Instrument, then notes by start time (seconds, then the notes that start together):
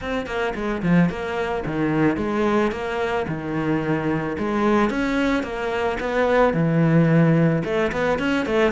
cello
0.01 C4
0.26 A#3
0.54 G#3
0.82 F3
1.09 A#3
1.65 D#3
2.17 G#3
2.71 A#3
3.28 D#3
4.38 G#3
4.90 C#4
5.43 A#3
6.00 B3
6.53 E3
7.64 A3
7.92 B3
8.18 C#4
8.46 A3